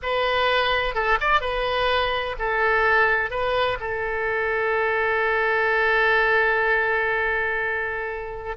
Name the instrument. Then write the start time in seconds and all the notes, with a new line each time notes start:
oboe
0.02 B4
0.94 A4
1.20 D5
1.40 B4
2.38 A4
3.30 B4
3.80 A4